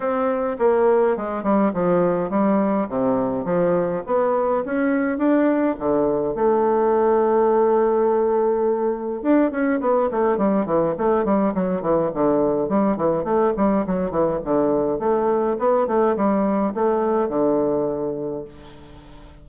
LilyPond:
\new Staff \with { instrumentName = "bassoon" } { \time 4/4 \tempo 4 = 104 c'4 ais4 gis8 g8 f4 | g4 c4 f4 b4 | cis'4 d'4 d4 a4~ | a1 |
d'8 cis'8 b8 a8 g8 e8 a8 g8 | fis8 e8 d4 g8 e8 a8 g8 | fis8 e8 d4 a4 b8 a8 | g4 a4 d2 | }